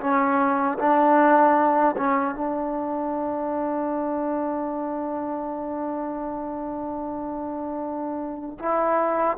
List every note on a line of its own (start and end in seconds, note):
0.00 0.78 C#4
0.78 1.95 D4
1.96 2.34 C#4
2.34 8.58 D4
8.59 9.37 E4